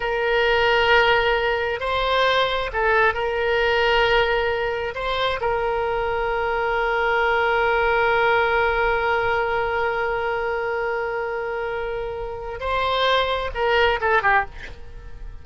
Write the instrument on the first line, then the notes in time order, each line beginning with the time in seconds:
oboe
0.00 A#4
1.80 C5
2.72 A4
3.14 A#4
4.94 C5
5.40 A#4
12.60 C5
13.54 A#4
14.00 A4
14.22 G4